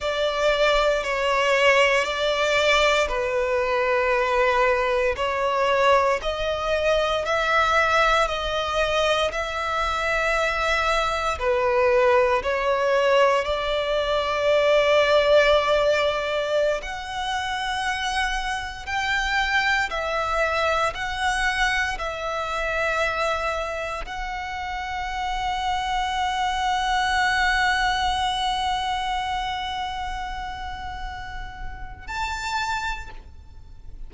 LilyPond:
\new Staff \with { instrumentName = "violin" } { \time 4/4 \tempo 4 = 58 d''4 cis''4 d''4 b'4~ | b'4 cis''4 dis''4 e''4 | dis''4 e''2 b'4 | cis''4 d''2.~ |
d''16 fis''2 g''4 e''8.~ | e''16 fis''4 e''2 fis''8.~ | fis''1~ | fis''2. a''4 | }